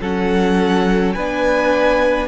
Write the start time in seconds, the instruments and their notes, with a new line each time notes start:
0.00 cello F#3, viola C#4, violin A4 F#5
1.12 cello B3, viola D4, violin B4 G#5